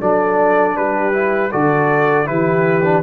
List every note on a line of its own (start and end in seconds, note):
0.00 0.76 F#3
0.00 1.12 D4
0.00 0.76 A4
0.00 0.76 D5
0.76 1.52 G3
0.76 1.51 G4
0.76 1.52 B4
1.12 1.50 E4
1.51 2.29 D3
1.51 2.25 F#4
1.51 2.27 A4
1.51 2.27 D5
2.25 3.03 E3
2.25 2.81 E4
2.25 3.03 G4
2.25 3.03 B4
2.84 3.03 D4